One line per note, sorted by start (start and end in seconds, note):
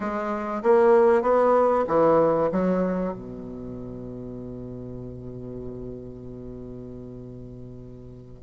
0.00 0.62 G#3
0.62 1.22 A#3
1.22 1.84 B3
1.87 2.50 E3
2.52 3.13 F#3
3.13 8.42 B2